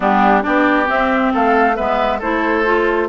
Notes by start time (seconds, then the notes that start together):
0.00 G3 B3 D4 G4
0.41 B3 D4 G4 D5
0.86 C4 E5
1.33 A3 A4 F5
1.76 G#3 B3 B4 E5
2.18 A3 E4 A4 C5
2.64 F4